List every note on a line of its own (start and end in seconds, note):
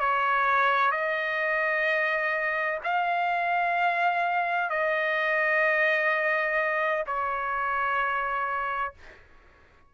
0.00 0.92 C#5
0.92 2.79 D#5
2.84 4.70 F5
4.70 7.04 D#5
7.07 8.94 C#5